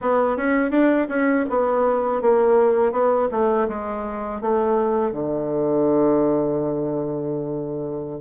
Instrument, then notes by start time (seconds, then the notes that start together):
bassoon
0.01 B3
0.37 C#4
0.70 D4
1.08 C#4
1.49 B3
2.22 A#3
2.91 B3
3.31 A3
3.68 G#3
4.41 A3
5.12 D3